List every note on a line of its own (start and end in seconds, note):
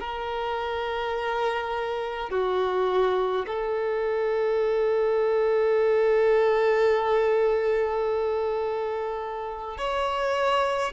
0.00 2.30 A#4
2.30 3.46 F#4
3.47 9.78 A4
9.78 10.93 C#5